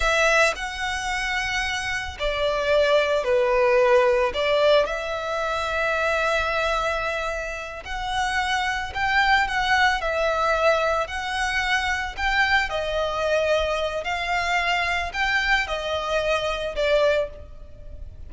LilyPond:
\new Staff \with { instrumentName = "violin" } { \time 4/4 \tempo 4 = 111 e''4 fis''2. | d''2 b'2 | d''4 e''2.~ | e''2~ e''8 fis''4.~ |
fis''8 g''4 fis''4 e''4.~ | e''8 fis''2 g''4 dis''8~ | dis''2 f''2 | g''4 dis''2 d''4 | }